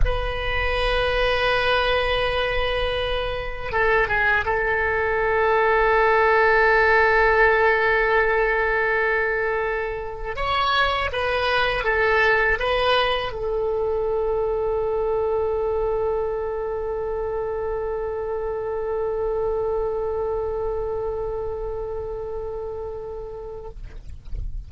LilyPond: \new Staff \with { instrumentName = "oboe" } { \time 4/4 \tempo 4 = 81 b'1~ | b'4 a'8 gis'8 a'2~ | a'1~ | a'2 cis''4 b'4 |
a'4 b'4 a'2~ | a'1~ | a'1~ | a'1 | }